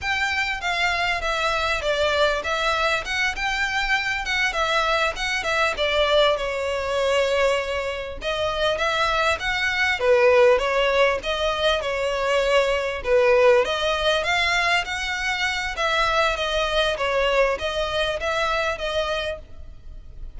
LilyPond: \new Staff \with { instrumentName = "violin" } { \time 4/4 \tempo 4 = 99 g''4 f''4 e''4 d''4 | e''4 fis''8 g''4. fis''8 e''8~ | e''8 fis''8 e''8 d''4 cis''4.~ | cis''4. dis''4 e''4 fis''8~ |
fis''8 b'4 cis''4 dis''4 cis''8~ | cis''4. b'4 dis''4 f''8~ | f''8 fis''4. e''4 dis''4 | cis''4 dis''4 e''4 dis''4 | }